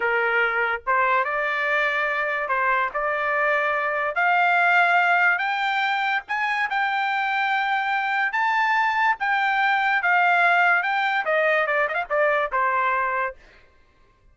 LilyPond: \new Staff \with { instrumentName = "trumpet" } { \time 4/4 \tempo 4 = 144 ais'2 c''4 d''4~ | d''2 c''4 d''4~ | d''2 f''2~ | f''4 g''2 gis''4 |
g''1 | a''2 g''2 | f''2 g''4 dis''4 | d''8 dis''16 f''16 d''4 c''2 | }